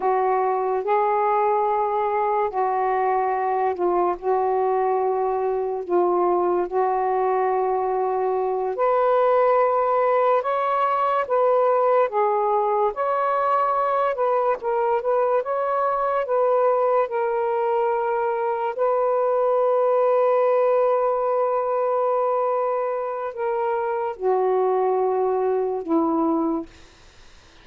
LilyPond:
\new Staff \with { instrumentName = "saxophone" } { \time 4/4 \tempo 4 = 72 fis'4 gis'2 fis'4~ | fis'8 f'8 fis'2 f'4 | fis'2~ fis'8 b'4.~ | b'8 cis''4 b'4 gis'4 cis''8~ |
cis''4 b'8 ais'8 b'8 cis''4 b'8~ | b'8 ais'2 b'4.~ | b'1 | ais'4 fis'2 e'4 | }